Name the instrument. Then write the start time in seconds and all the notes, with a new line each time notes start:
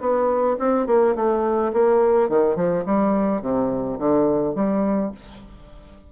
bassoon
0.00 B3
0.59 C4
0.87 A#3
1.16 A3
1.73 A#3
2.29 D#3
2.56 F3
2.86 G3
3.41 C3
3.99 D3
4.55 G3